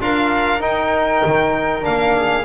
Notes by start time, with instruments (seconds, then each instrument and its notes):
0.00 double bass D4, trombone F4, flute A#4, violin F5
0.60 trombone D#4, double bass D#4, violin G5
1.26 double bass D#3
1.81 double bass A#3, trombone D4, violin F5
2.16 flute G#4